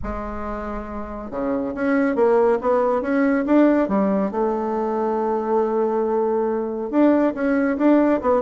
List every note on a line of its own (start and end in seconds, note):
0.03 1.30 G#3
1.30 1.73 C#3
1.74 2.15 C#4
2.15 2.58 A#3
2.61 3.01 B3
3.01 3.44 C#4
3.46 3.88 D4
3.88 4.31 G3
4.31 6.90 A3
6.90 7.33 D4
7.34 7.77 C#4
7.77 8.21 D4
8.21 8.42 B3